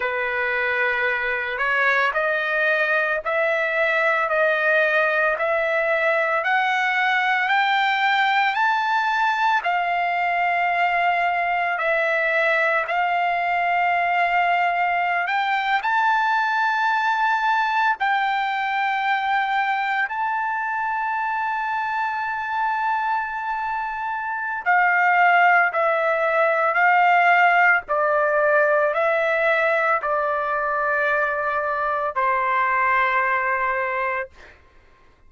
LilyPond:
\new Staff \with { instrumentName = "trumpet" } { \time 4/4 \tempo 4 = 56 b'4. cis''8 dis''4 e''4 | dis''4 e''4 fis''4 g''4 | a''4 f''2 e''4 | f''2~ f''16 g''8 a''4~ a''16~ |
a''8. g''2 a''4~ a''16~ | a''2. f''4 | e''4 f''4 d''4 e''4 | d''2 c''2 | }